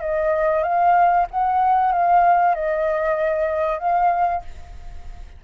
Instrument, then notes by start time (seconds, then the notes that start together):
flute
0.00 D#5
0.63 F5
1.31 F#5
1.92 F5
2.55 D#5
3.78 F5